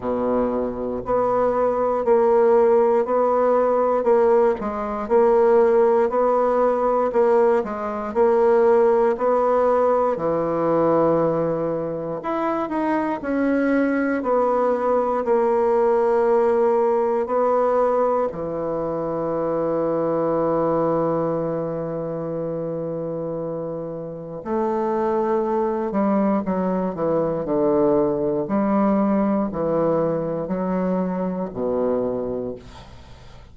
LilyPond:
\new Staff \with { instrumentName = "bassoon" } { \time 4/4 \tempo 4 = 59 b,4 b4 ais4 b4 | ais8 gis8 ais4 b4 ais8 gis8 | ais4 b4 e2 | e'8 dis'8 cis'4 b4 ais4~ |
ais4 b4 e2~ | e1 | a4. g8 fis8 e8 d4 | g4 e4 fis4 b,4 | }